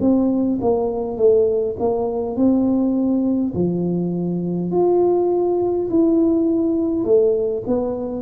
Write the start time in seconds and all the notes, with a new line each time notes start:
0.00 C4
0.61 A#3
1.17 A3
1.79 A#3
2.36 C4
3.54 F3
4.71 F4
5.90 E4
7.04 A3
7.67 B3